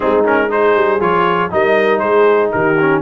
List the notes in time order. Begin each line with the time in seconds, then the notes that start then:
0.00 G#3 C4 D#4 G#4
0.24 C#4 A#4
0.49 D#4 G#4 C5
0.75 G3
1.00 F3 F4 C#5
1.50 G3 D#4 A#4 D#5
1.99 G#3 G#4 C5
2.52 D#3 G4 A#4
2.80 C#4